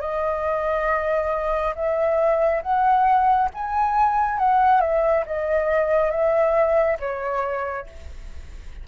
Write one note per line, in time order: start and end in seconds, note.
0.00 1.74 D#5
1.75 2.62 E5
2.62 3.49 F#5
3.53 4.38 G#5
4.38 4.80 F#5
4.80 5.24 E5
5.26 6.10 D#5
6.10 6.97 E5
6.99 7.86 C#5